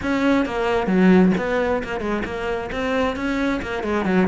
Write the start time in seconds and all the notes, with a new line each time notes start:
0.02 C#4
0.45 A#3
0.87 F#3
1.37 B3
1.83 A#3
2.00 G#3
2.24 A#3
2.71 C4
3.15 C#4
3.62 A#3
3.83 G#3
4.05 F#3